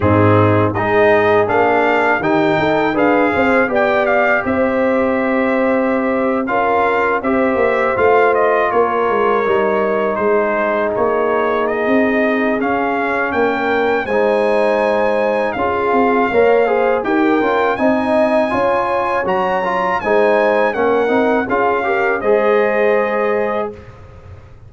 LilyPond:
<<
  \new Staff \with { instrumentName = "trumpet" } { \time 4/4 \tempo 4 = 81 gis'4 dis''4 f''4 g''4 | f''4 g''8 f''8 e''2~ | e''8. f''4 e''4 f''8 dis''8 cis''16~ | cis''4.~ cis''16 c''4 cis''4 dis''16~ |
dis''4 f''4 g''4 gis''4~ | gis''4 f''2 g''4 | gis''2 ais''4 gis''4 | fis''4 f''4 dis''2 | }
  \new Staff \with { instrumentName = "horn" } { \time 4/4 dis'4 gis'2 g'8 a'8 | b'8 c''8 d''4 c''2~ | c''8. ais'4 c''2 ais'16~ | ais'4.~ ais'16 gis'2~ gis'16~ |
gis'2 ais'4 c''4~ | c''4 gis'4 cis''8 c''8 ais'4 | dis''4 cis''2 c''4 | ais'4 gis'8 ais'8 c''2 | }
  \new Staff \with { instrumentName = "trombone" } { \time 4/4 c'4 dis'4 d'4 dis'4 | gis'4 g'2.~ | g'8. f'4 g'4 f'4~ f'16~ | f'8. dis'2.~ dis'16~ |
dis'4 cis'2 dis'4~ | dis'4 f'4 ais'8 gis'8 g'8 f'8 | dis'4 f'4 fis'8 f'8 dis'4 | cis'8 dis'8 f'8 g'8 gis'2 | }
  \new Staff \with { instrumentName = "tuba" } { \time 4/4 gis,4 gis4 ais4 dis8 dis'8 | d'8 c'8 b4 c'2~ | c'8. cis'4 c'8 ais8 a4 ais16~ | ais16 gis8 g4 gis4 ais4~ ais16 |
c'4 cis'4 ais4 gis4~ | gis4 cis'8 c'8 ais4 dis'8 cis'8 | c'4 cis'4 fis4 gis4 | ais8 c'8 cis'4 gis2 | }
>>